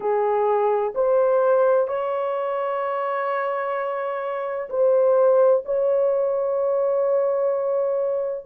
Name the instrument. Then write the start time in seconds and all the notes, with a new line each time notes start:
horn
0.00 G#4
0.95 C5
1.87 C#5
4.69 C5
5.65 C#5